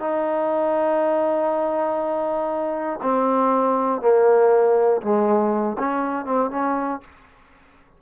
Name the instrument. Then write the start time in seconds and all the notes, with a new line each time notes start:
trombone
0.00 D#4
3.02 C4
4.01 A#3
5.02 G#3
5.79 C#4
6.25 C4
6.51 C#4